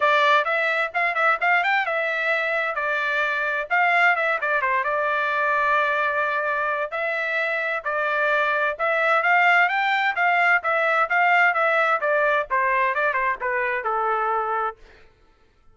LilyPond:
\new Staff \with { instrumentName = "trumpet" } { \time 4/4 \tempo 4 = 130 d''4 e''4 f''8 e''8 f''8 g''8 | e''2 d''2 | f''4 e''8 d''8 c''8 d''4.~ | d''2. e''4~ |
e''4 d''2 e''4 | f''4 g''4 f''4 e''4 | f''4 e''4 d''4 c''4 | d''8 c''8 b'4 a'2 | }